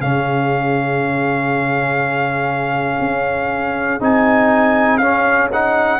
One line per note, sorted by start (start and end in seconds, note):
0.00 3.00 C#3
0.00 4.00 C#4
0.00 5.99 G#4
0.00 4.01 F5
3.00 4.00 C#4
4.00 5.00 C4
4.00 5.00 D#4
4.00 4.97 G#5
4.97 5.99 C#4
4.97 5.51 C#4
4.97 5.47 F5
5.52 5.99 D#4
5.52 5.99 F#5